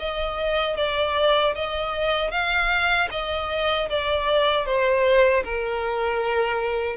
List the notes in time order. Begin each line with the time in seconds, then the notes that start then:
0.00 D#5
0.77 D5
1.55 D#5
2.31 F5
3.11 D#5
3.90 D5
4.66 C5
5.45 A#4